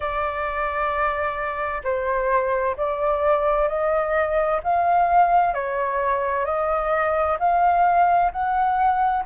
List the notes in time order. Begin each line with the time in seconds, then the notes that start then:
0.00 D5
1.83 C5
2.77 D5
3.68 D#5
4.63 F5
5.54 C#5
6.45 D#5
7.39 F5
8.32 F#5